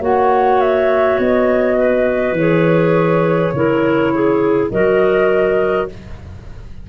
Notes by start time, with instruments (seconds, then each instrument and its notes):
0.00 tuba A#3, clarinet F#4 C#5, flute F#5
0.60 flute E5
1.19 tuba B3, flute D#5
1.76 clarinet B4
2.32 tuba E3, clarinet G#4, flute C#5
3.53 tuba C#3, clarinet E4 A#4
4.14 clarinet G#4
4.70 tuba F#3, clarinet F#4 A#4, flute D#5